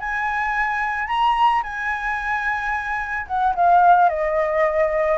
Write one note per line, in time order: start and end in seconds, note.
0.00 1.08 G#5
1.08 1.62 A#5
1.63 3.27 G#5
3.27 3.55 F#5
3.55 4.09 F5
4.09 5.18 D#5